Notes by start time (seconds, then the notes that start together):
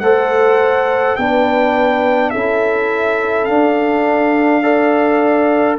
0.00 A3 A4 C5 F#5
1.15 B3 D4 B4 G5
2.30 C#4 E4 A4 E5
3.44 D4 F5
4.62 A4 D5